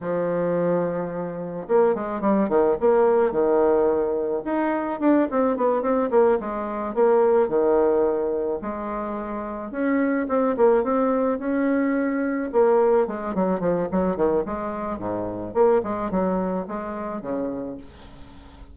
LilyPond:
\new Staff \with { instrumentName = "bassoon" } { \time 4/4 \tempo 4 = 108 f2. ais8 gis8 | g8 dis8 ais4 dis2 | dis'4 d'8 c'8 b8 c'8 ais8 gis8~ | gis8 ais4 dis2 gis8~ |
gis4. cis'4 c'8 ais8 c'8~ | c'8 cis'2 ais4 gis8 | fis8 f8 fis8 dis8 gis4 gis,4 | ais8 gis8 fis4 gis4 cis4 | }